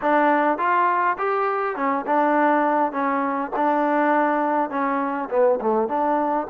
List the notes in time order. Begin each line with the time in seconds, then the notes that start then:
0.01 D4
0.57 F4
1.18 G4
1.75 C#4
2.06 D4
2.91 C#4
3.56 D4
4.70 C#4
5.30 B3
5.60 A3
5.88 D4